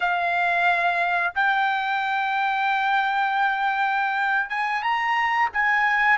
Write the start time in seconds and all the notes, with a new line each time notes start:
0.00 F5
1.34 G5
4.49 G#5
4.82 A#5
5.53 G#5